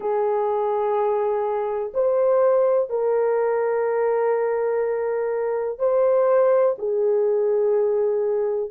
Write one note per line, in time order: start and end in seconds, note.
0.00 1.92 G#4
1.94 2.89 C5
2.89 5.78 A#4
5.78 6.75 C5
6.78 8.70 G#4